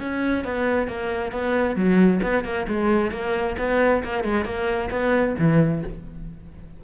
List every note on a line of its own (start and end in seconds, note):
0.00 0.45 C#4
0.45 0.88 B3
0.88 1.32 A#3
1.32 1.76 B3
1.76 2.21 F#3
2.23 2.44 B3
2.44 2.67 A#3
2.68 3.12 G#3
3.12 3.57 A#3
3.58 4.03 B3
4.04 4.24 A#3
4.24 4.45 G#3
4.45 4.90 A#3
4.91 5.36 B3
5.39 5.84 E3